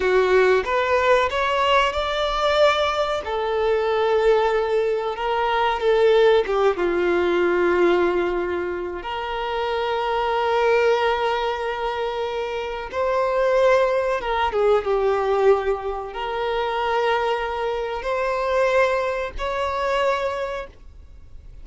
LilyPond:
\new Staff \with { instrumentName = "violin" } { \time 4/4 \tempo 4 = 93 fis'4 b'4 cis''4 d''4~ | d''4 a'2. | ais'4 a'4 g'8 f'4.~ | f'2 ais'2~ |
ais'1 | c''2 ais'8 gis'8 g'4~ | g'4 ais'2. | c''2 cis''2 | }